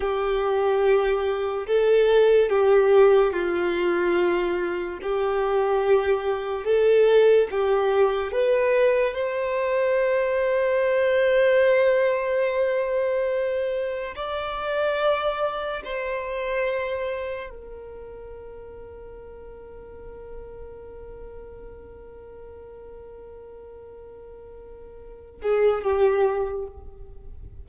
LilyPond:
\new Staff \with { instrumentName = "violin" } { \time 4/4 \tempo 4 = 72 g'2 a'4 g'4 | f'2 g'2 | a'4 g'4 b'4 c''4~ | c''1~ |
c''4 d''2 c''4~ | c''4 ais'2.~ | ais'1~ | ais'2~ ais'8 gis'8 g'4 | }